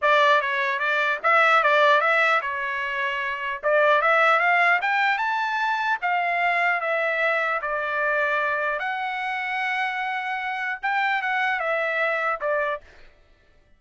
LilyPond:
\new Staff \with { instrumentName = "trumpet" } { \time 4/4 \tempo 4 = 150 d''4 cis''4 d''4 e''4 | d''4 e''4 cis''2~ | cis''4 d''4 e''4 f''4 | g''4 a''2 f''4~ |
f''4 e''2 d''4~ | d''2 fis''2~ | fis''2. g''4 | fis''4 e''2 d''4 | }